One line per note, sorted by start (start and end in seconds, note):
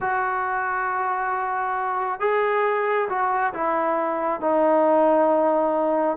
0.01 2.20 F#4
2.20 3.08 G#4
3.09 3.53 F#4
3.53 4.41 E4
4.41 6.17 D#4